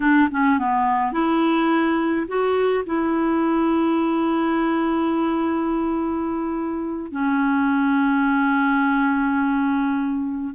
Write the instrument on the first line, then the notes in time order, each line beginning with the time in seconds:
clarinet
0.00 D4
0.31 C#4
0.59 B3
1.12 E4
2.27 F#4
2.86 E4
7.11 C#4